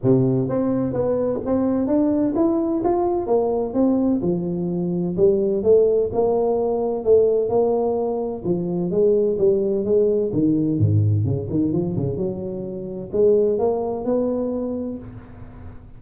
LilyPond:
\new Staff \with { instrumentName = "tuba" } { \time 4/4 \tempo 4 = 128 c4 c'4 b4 c'4 | d'4 e'4 f'4 ais4 | c'4 f2 g4 | a4 ais2 a4 |
ais2 f4 gis4 | g4 gis4 dis4 gis,4 | cis8 dis8 f8 cis8 fis2 | gis4 ais4 b2 | }